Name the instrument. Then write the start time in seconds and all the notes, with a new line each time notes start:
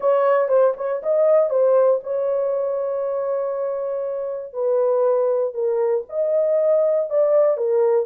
horn
0.00 C#5
0.48 C5
0.76 C#5
1.02 D#5
1.50 C5
2.03 C#5
4.53 B4
5.53 A#4
6.09 D#5
7.10 D5
7.57 A#4